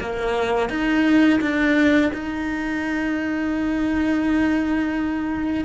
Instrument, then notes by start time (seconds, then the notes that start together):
cello
0.00 A#3
0.69 D#4
1.41 D4
2.13 D#4